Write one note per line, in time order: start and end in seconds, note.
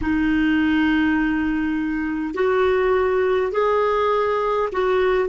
0.01 2.34 D#4
2.34 3.51 F#4
3.51 4.69 G#4
4.72 5.28 F#4